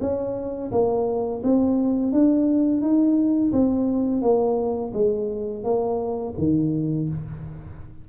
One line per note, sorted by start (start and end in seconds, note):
0.00 0.71 C#4
0.71 1.42 A#3
1.43 2.12 C4
2.12 2.81 D4
2.81 3.51 D#4
3.52 4.22 C4
4.22 4.92 A#3
4.93 5.63 G#3
5.63 6.34 A#3
6.38 7.08 D#3